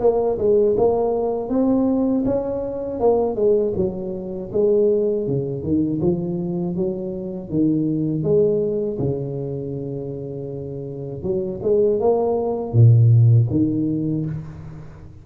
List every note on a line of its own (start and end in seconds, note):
0.00 0.38 A#3
0.38 0.75 G#3
0.76 1.49 A#3
1.49 2.24 C4
2.25 2.99 C#4
2.99 3.35 A#3
3.35 3.73 G#3
3.75 4.50 F#3
4.52 5.26 G#3
5.26 5.62 C#3
5.62 6.00 D#3
6.01 6.75 F3
6.75 7.49 F#3
7.49 8.23 D#3
8.23 8.98 G#3
8.99 11.22 C#3
11.22 11.60 F#3
11.62 11.99 G#3
11.99 12.72 A#3
12.72 13.47 A#2
13.50 14.25 D#3